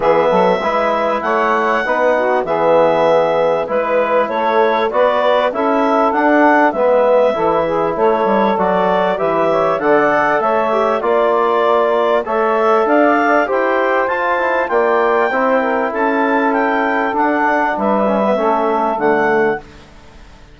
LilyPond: <<
  \new Staff \with { instrumentName = "clarinet" } { \time 4/4 \tempo 4 = 98 e''2 fis''2 | e''2 b'4 cis''4 | d''4 e''4 fis''4 e''4~ | e''4 cis''4 d''4 e''4 |
fis''4 e''4 d''2 | e''4 f''4 g''4 a''4 | g''2 a''4 g''4 | fis''4 e''2 fis''4 | }
  \new Staff \with { instrumentName = "saxophone" } { \time 4/4 gis'8 a'8 b'4 cis''4 b'8 fis'8 | gis'2 b'4 a'4 | b'4 a'2 b'4 | a'8 gis'8 a'2 b'8 cis''8 |
d''4 cis''4 d''2 | cis''4 d''4 c''2 | d''4 c''8 ais'8 a'2~ | a'4 b'4 a'2 | }
  \new Staff \with { instrumentName = "trombone" } { \time 4/4 b4 e'2 dis'4 | b2 e'2 | fis'4 e'4 d'4 b4 | e'2 fis'4 g'4 |
a'4. g'8 f'2 | a'2 g'4 f'8 e'8 | f'4 e'2. | d'4. cis'16 b16 cis'4 a4 | }
  \new Staff \with { instrumentName = "bassoon" } { \time 4/4 e8 fis8 gis4 a4 b4 | e2 gis4 a4 | b4 cis'4 d'4 gis4 | e4 a8 g8 fis4 e4 |
d4 a4 ais2 | a4 d'4 e'4 f'4 | ais4 c'4 cis'2 | d'4 g4 a4 d4 | }
>>